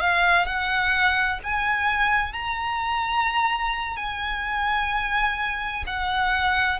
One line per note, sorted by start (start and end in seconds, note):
0.00 0.46 F5
0.46 1.39 F#5
1.43 2.33 G#5
2.33 3.96 A#5
3.96 5.84 G#5
5.86 6.79 F#5